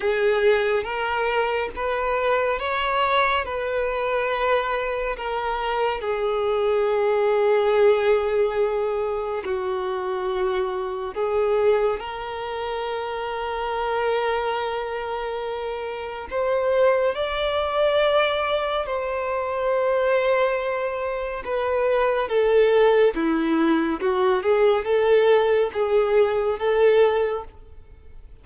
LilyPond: \new Staff \with { instrumentName = "violin" } { \time 4/4 \tempo 4 = 70 gis'4 ais'4 b'4 cis''4 | b'2 ais'4 gis'4~ | gis'2. fis'4~ | fis'4 gis'4 ais'2~ |
ais'2. c''4 | d''2 c''2~ | c''4 b'4 a'4 e'4 | fis'8 gis'8 a'4 gis'4 a'4 | }